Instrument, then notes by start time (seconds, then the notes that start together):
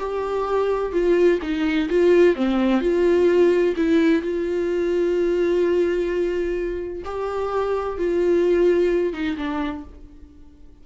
viola
0.00 G4
0.93 F4
1.43 D#4
1.90 F4
2.36 C4
2.81 F4
3.77 E4
4.23 F4
7.05 G4
7.99 F4
9.13 D#4
9.37 D4